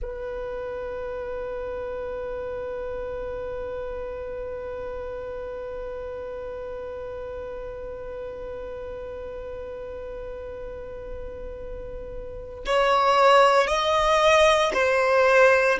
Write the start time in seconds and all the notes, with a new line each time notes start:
0.01 B4
12.66 C#5
13.67 D#5
14.73 C5